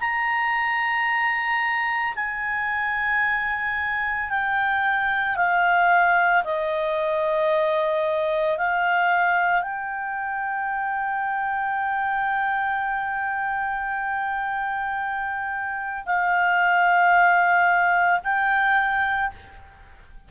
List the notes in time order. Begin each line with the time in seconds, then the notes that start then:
0.00 A#5
2.16 G#5
4.30 G5
5.36 F5
6.44 D#5
8.58 F5
9.62 G5
16.06 F5
18.24 G5